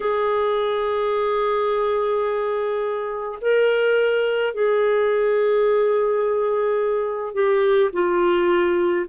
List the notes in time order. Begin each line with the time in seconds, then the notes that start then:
0.00 G#4
3.41 A#4
4.54 G#4
7.33 G4
7.92 F4